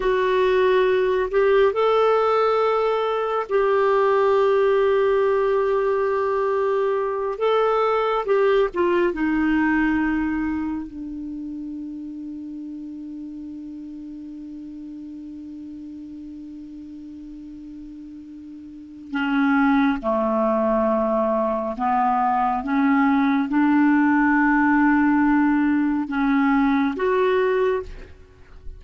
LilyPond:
\new Staff \with { instrumentName = "clarinet" } { \time 4/4 \tempo 4 = 69 fis'4. g'8 a'2 | g'1~ | g'8 a'4 g'8 f'8 dis'4.~ | dis'8 d'2.~ d'8~ |
d'1~ | d'2 cis'4 a4~ | a4 b4 cis'4 d'4~ | d'2 cis'4 fis'4 | }